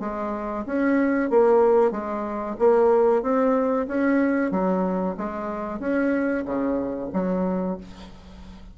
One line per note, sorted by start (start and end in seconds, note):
0.00 0.65 G#3
0.66 1.30 C#4
1.30 1.91 A#3
1.91 2.56 G#3
2.59 3.22 A#3
3.22 3.87 C4
3.87 4.51 C#4
4.51 5.16 F#3
5.17 5.79 G#3
5.79 6.44 C#4
6.45 7.10 C#3
7.13 7.78 F#3